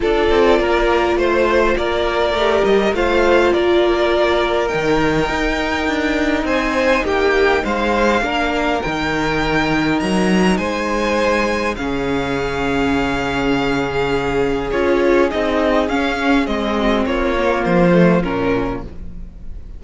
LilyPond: <<
  \new Staff \with { instrumentName = "violin" } { \time 4/4 \tempo 4 = 102 d''2 c''4 d''4~ | d''8 dis''8 f''4 d''2 | g''2. gis''4 | g''4 f''2 g''4~ |
g''4 ais''4 gis''2 | f''1~ | f''4 cis''4 dis''4 f''4 | dis''4 cis''4 c''4 ais'4 | }
  \new Staff \with { instrumentName = "violin" } { \time 4/4 a'4 ais'4 c''4 ais'4~ | ais'4 c''4 ais'2~ | ais'2. c''4 | g'4 c''4 ais'2~ |
ais'2 c''2 | gis'1~ | gis'1~ | gis'8 fis'8 f'2. | }
  \new Staff \with { instrumentName = "viola" } { \time 4/4 f'1 | g'4 f'2. | dis'1~ | dis'2 d'4 dis'4~ |
dis'1 | cis'1~ | cis'4 f'4 dis'4 cis'4 | c'4. ais4 a8 cis'4 | }
  \new Staff \with { instrumentName = "cello" } { \time 4/4 d'8 c'8 ais4 a4 ais4 | a8 g8 a4 ais2 | dis4 dis'4 d'4 c'4 | ais4 gis4 ais4 dis4~ |
dis4 fis4 gis2 | cis1~ | cis4 cis'4 c'4 cis'4 | gis4 ais4 f4 ais,4 | }
>>